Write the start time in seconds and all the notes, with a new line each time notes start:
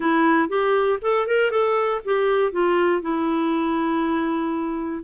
0.00 E4
0.49 G4
1.01 A4
1.26 A#4
1.50 A4
2.04 G4
2.52 F4
3.01 E4